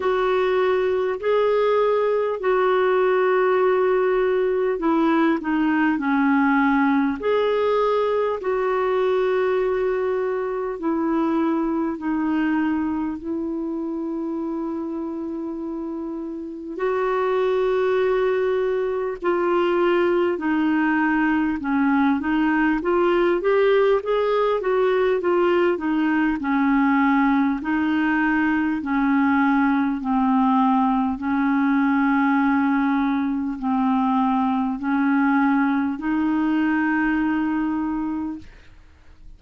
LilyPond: \new Staff \with { instrumentName = "clarinet" } { \time 4/4 \tempo 4 = 50 fis'4 gis'4 fis'2 | e'8 dis'8 cis'4 gis'4 fis'4~ | fis'4 e'4 dis'4 e'4~ | e'2 fis'2 |
f'4 dis'4 cis'8 dis'8 f'8 g'8 | gis'8 fis'8 f'8 dis'8 cis'4 dis'4 | cis'4 c'4 cis'2 | c'4 cis'4 dis'2 | }